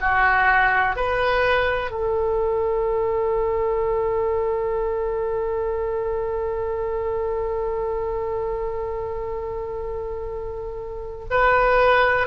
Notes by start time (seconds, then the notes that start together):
0.00 F#4
0.96 B4
1.90 A4
11.30 B4